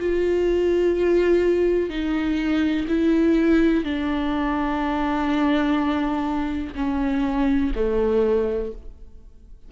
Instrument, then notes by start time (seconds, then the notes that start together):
viola
0.00 F4
1.90 D#4
2.89 E4
3.84 D4
6.76 C#4
7.76 A3